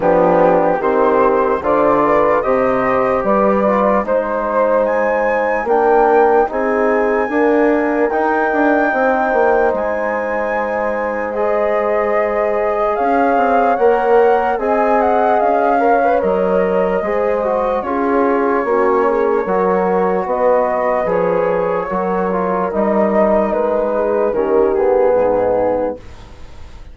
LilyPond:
<<
  \new Staff \with { instrumentName = "flute" } { \time 4/4 \tempo 4 = 74 g'4 c''4 d''4 dis''4 | d''4 c''4 gis''4 g''4 | gis''2 g''2 | gis''2 dis''2 |
f''4 fis''4 gis''8 fis''8 f''4 | dis''2 cis''2~ | cis''4 dis''4 cis''2 | dis''4 b'4 ais'8 gis'4. | }
  \new Staff \with { instrumentName = "horn" } { \time 4/4 d'4 g'4 c''8 b'8 c''4 | b'4 c''2 ais'4 | gis'4 ais'2 c''4~ | c''1 |
cis''2 dis''4. cis''8~ | cis''4 c''4 gis'4 fis'8 gis'8 | ais'4 b'2 ais'4~ | ais'4. gis'8 g'4 dis'4 | }
  \new Staff \with { instrumentName = "trombone" } { \time 4/4 b4 c'4 f'4 g'4~ | g'8 f'8 dis'2 d'4 | dis'4 ais4 dis'2~ | dis'2 gis'2~ |
gis'4 ais'4 gis'4. ais'16 b'16 | ais'4 gis'8 fis'8 f'4 cis'4 | fis'2 gis'4 fis'8 f'8 | dis'2 cis'8 b4. | }
  \new Staff \with { instrumentName = "bassoon" } { \time 4/4 f4 dis4 d4 c4 | g4 gis2 ais4 | c'4 d'4 dis'8 d'8 c'8 ais8 | gis1 |
cis'8 c'8 ais4 c'4 cis'4 | fis4 gis4 cis'4 ais4 | fis4 b4 f4 fis4 | g4 gis4 dis4 gis,4 | }
>>